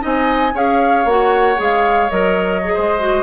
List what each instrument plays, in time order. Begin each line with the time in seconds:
0.00 bassoon C4, clarinet D#4, oboe D#5, flute G#5
0.53 bassoon C#4, clarinet G#4, oboe C#5, flute F5
1.05 bassoon A#3, clarinet F#4, flute F#5
1.56 bassoon G#3, clarinet G#4
1.62 flute F5
2.10 bassoon F#3, clarinet A#4, flute D#5
2.64 clarinet G#4
2.73 bassoon G#3, oboe C5
2.99 clarinet F#4